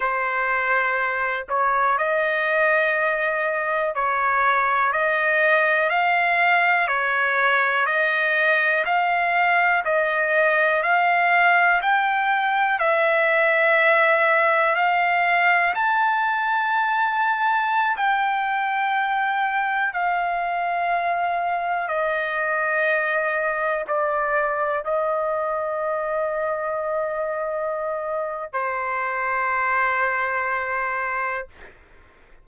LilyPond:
\new Staff \with { instrumentName = "trumpet" } { \time 4/4 \tempo 4 = 61 c''4. cis''8 dis''2 | cis''4 dis''4 f''4 cis''4 | dis''4 f''4 dis''4 f''4 | g''4 e''2 f''4 |
a''2~ a''16 g''4.~ g''16~ | g''16 f''2 dis''4.~ dis''16~ | dis''16 d''4 dis''2~ dis''8.~ | dis''4 c''2. | }